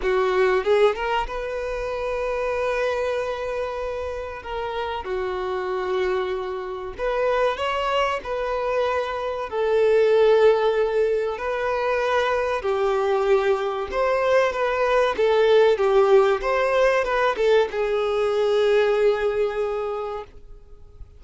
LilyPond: \new Staff \with { instrumentName = "violin" } { \time 4/4 \tempo 4 = 95 fis'4 gis'8 ais'8 b'2~ | b'2. ais'4 | fis'2. b'4 | cis''4 b'2 a'4~ |
a'2 b'2 | g'2 c''4 b'4 | a'4 g'4 c''4 b'8 a'8 | gis'1 | }